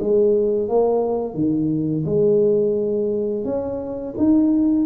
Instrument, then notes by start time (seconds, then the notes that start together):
tuba
0.00 G#3
0.69 A#3
1.34 D#3
2.05 G#3
3.45 C#4
4.17 D#4